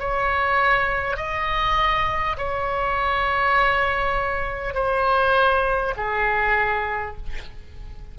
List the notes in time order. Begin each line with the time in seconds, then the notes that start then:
0.00 C#5
1.17 D#5
2.38 C#5
4.75 C5
5.97 G#4